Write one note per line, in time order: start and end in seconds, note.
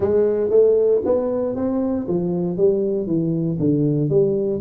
0.00 0.50 G#3
0.50 1.01 A3
1.05 1.55 B3
1.55 2.07 C4
2.08 2.57 F3
2.57 3.06 G3
3.06 3.58 E3
3.59 4.09 D3
4.09 4.61 G3